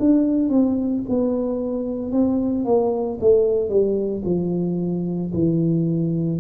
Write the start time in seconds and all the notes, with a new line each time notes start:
0.00 D4
0.50 C4
1.09 B3
2.12 C4
2.65 A#3
3.21 A3
3.70 G3
4.25 F3
5.34 E3